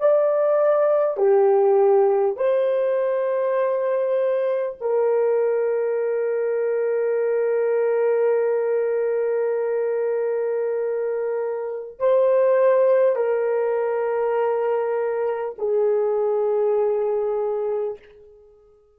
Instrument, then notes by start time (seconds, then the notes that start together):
horn
0.00 D5
1.17 G4
2.37 C5
4.81 A#4
11.99 C5
13.16 A#4
15.58 G#4